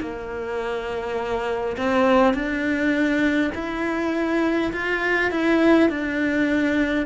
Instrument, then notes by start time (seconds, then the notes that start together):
cello
0.00 A#3
1.77 C4
2.34 D4
3.55 E4
4.73 F4
5.31 E4
5.89 D4